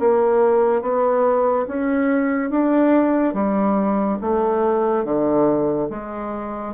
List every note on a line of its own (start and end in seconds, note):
0.00 0.82 A#3
0.82 1.67 B3
1.68 2.51 C#4
2.51 3.34 D4
3.34 4.19 G3
4.22 5.05 A3
5.05 5.89 D3
5.90 6.75 G#3